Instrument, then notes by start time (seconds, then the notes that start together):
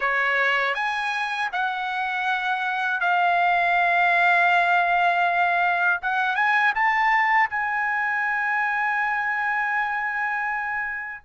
trumpet
0.00 C#5
0.74 G#5
1.52 F#5
3.00 F5
6.02 F#5
6.35 G#5
6.75 A5
7.49 G#5